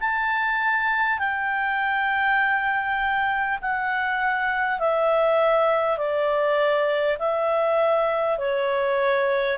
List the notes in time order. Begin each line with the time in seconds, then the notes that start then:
0.00 A5
1.19 G5
3.62 F#5
4.79 E5
5.97 D5
7.19 E5
8.38 C#5